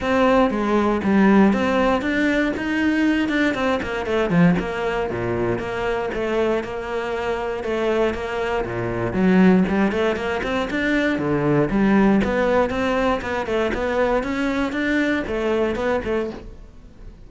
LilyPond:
\new Staff \with { instrumentName = "cello" } { \time 4/4 \tempo 4 = 118 c'4 gis4 g4 c'4 | d'4 dis'4. d'8 c'8 ais8 | a8 f8 ais4 ais,4 ais4 | a4 ais2 a4 |
ais4 ais,4 fis4 g8 a8 | ais8 c'8 d'4 d4 g4 | b4 c'4 b8 a8 b4 | cis'4 d'4 a4 b8 a8 | }